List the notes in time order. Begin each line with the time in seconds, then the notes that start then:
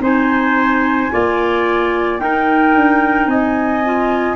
0.00 C4 D#4 C5 G#5
1.12 A#3 F4 D5
2.19 D#4 A#4 G5
2.75 D4
3.26 C4 D#5 G#5
3.85 F4